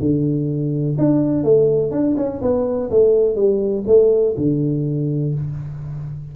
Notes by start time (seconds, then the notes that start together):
0.00 D3
0.98 D4
1.44 A3
1.91 D4
2.17 C#4
2.42 B3
2.91 A3
3.36 G3
3.87 A3
4.37 D3